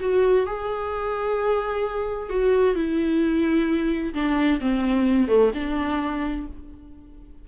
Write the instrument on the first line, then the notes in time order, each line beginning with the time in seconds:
viola
0.00 F#4
0.46 G#4
2.29 F#4
2.75 E4
4.14 D4
4.60 C4
5.28 A3
5.54 D4